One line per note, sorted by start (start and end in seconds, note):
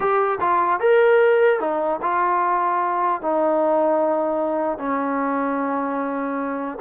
0.00 0.38 G4
0.40 0.80 F4
0.80 1.59 A#4
1.59 1.99 D#4
2.01 3.21 F4
3.21 4.78 D#4
4.78 6.78 C#4